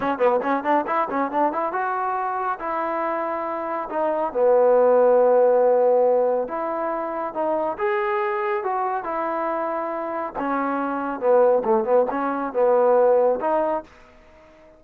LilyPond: \new Staff \with { instrumentName = "trombone" } { \time 4/4 \tempo 4 = 139 cis'8 b8 cis'8 d'8 e'8 cis'8 d'8 e'8 | fis'2 e'2~ | e'4 dis'4 b2~ | b2. e'4~ |
e'4 dis'4 gis'2 | fis'4 e'2. | cis'2 b4 a8 b8 | cis'4 b2 dis'4 | }